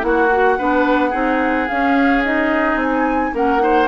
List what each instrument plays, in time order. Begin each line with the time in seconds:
0.00 bassoon A#3, clarinet E4, oboe F#4, flute F#5
0.31 clarinet F#4
0.58 bassoon B3, clarinet D4, oboe B4
1.10 bassoon C4, clarinet D#4, oboe G#4
1.68 clarinet C#4, bassoon C#4, flute F5
2.24 clarinet D#4, flute D#5
2.75 bassoon C4, flute G#5
3.34 bassoon A#3, clarinet C#4, oboe A#4, flute F#5
3.58 clarinet D#4, oboe C5